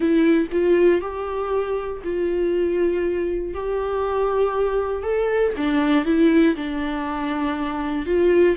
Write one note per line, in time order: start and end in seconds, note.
0.00 0.47 E4
0.52 1.01 F4
1.01 2.02 G4
2.04 3.54 F4
3.54 5.02 G4
5.02 5.53 A4
5.56 6.05 D4
6.05 6.55 E4
6.55 8.06 D4
8.06 8.56 F4